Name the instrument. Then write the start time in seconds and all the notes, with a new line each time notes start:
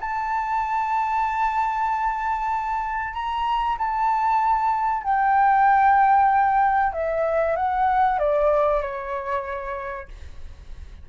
flute
0.00 A5
3.13 A#5
3.78 A5
5.03 G5
6.92 E5
7.56 F#5
8.18 D5
8.81 C#5